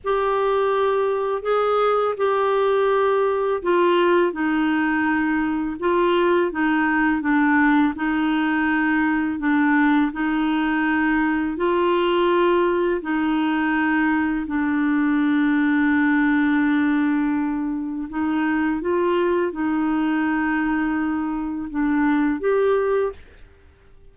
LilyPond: \new Staff \with { instrumentName = "clarinet" } { \time 4/4 \tempo 4 = 83 g'2 gis'4 g'4~ | g'4 f'4 dis'2 | f'4 dis'4 d'4 dis'4~ | dis'4 d'4 dis'2 |
f'2 dis'2 | d'1~ | d'4 dis'4 f'4 dis'4~ | dis'2 d'4 g'4 | }